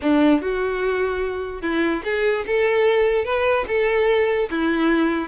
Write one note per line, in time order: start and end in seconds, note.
0.01 0.41 D4
0.41 1.61 F#4
1.61 2.02 E4
2.04 2.45 G#4
2.46 3.24 A4
3.24 3.65 B4
3.67 4.49 A4
4.50 5.27 E4